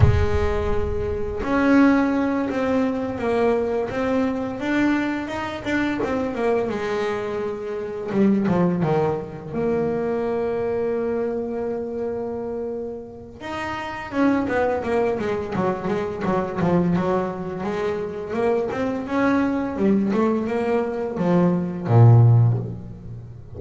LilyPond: \new Staff \with { instrumentName = "double bass" } { \time 4/4 \tempo 4 = 85 gis2 cis'4. c'8~ | c'8 ais4 c'4 d'4 dis'8 | d'8 c'8 ais8 gis2 g8 | f8 dis4 ais2~ ais8~ |
ais2. dis'4 | cis'8 b8 ais8 gis8 fis8 gis8 fis8 f8 | fis4 gis4 ais8 c'8 cis'4 | g8 a8 ais4 f4 ais,4 | }